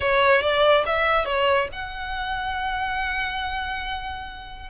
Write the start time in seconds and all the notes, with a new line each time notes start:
0.00 C#5
0.41 D5
0.86 E5
1.25 C#5
1.72 F#5